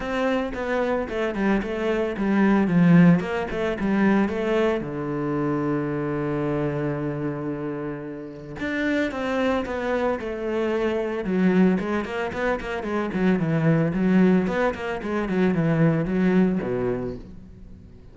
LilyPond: \new Staff \with { instrumentName = "cello" } { \time 4/4 \tempo 4 = 112 c'4 b4 a8 g8 a4 | g4 f4 ais8 a8 g4 | a4 d2.~ | d1 |
d'4 c'4 b4 a4~ | a4 fis4 gis8 ais8 b8 ais8 | gis8 fis8 e4 fis4 b8 ais8 | gis8 fis8 e4 fis4 b,4 | }